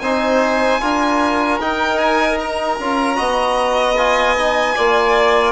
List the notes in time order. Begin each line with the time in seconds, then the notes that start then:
0.00 C4 D#4 C5 G#5
0.81 D4 F4 A#4
1.60 D#4 G5
1.99 G#5
2.40 A#5
2.80 C#4 F4
3.16 B3 F#4 D#5
3.97 F4 G#5
4.37 D#4
4.76 A#3 F4 D5